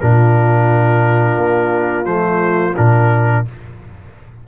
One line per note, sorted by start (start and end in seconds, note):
0.00 1.37 A#2
0.00 2.05 D4
0.00 3.47 F4
0.00 2.05 A#4
1.37 2.05 A#3
2.05 2.74 F3
2.05 2.74 A3
2.05 2.74 C5
2.76 3.47 A#2
2.76 3.45 D4
2.76 3.45 A#4